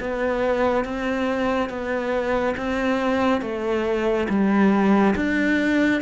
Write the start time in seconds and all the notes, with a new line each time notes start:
0.00 B3
0.85 C4
1.69 B3
2.57 C4
3.42 A3
4.29 G3
5.16 D4